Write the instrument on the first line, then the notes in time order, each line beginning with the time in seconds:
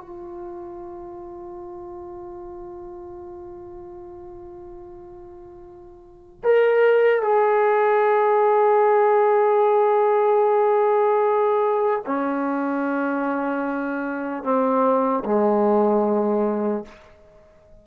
trombone
0.00 F4
6.43 A#4
7.22 G#4
12.06 C#4
14.43 C4
15.24 G#3